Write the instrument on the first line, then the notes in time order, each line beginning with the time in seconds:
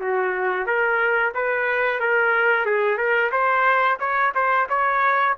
trumpet
0.00 F#4
0.66 A#4
1.35 B4
2.00 A#4
2.65 G#4
2.97 A#4
3.32 C5
3.99 C#5
4.35 C5
4.69 C#5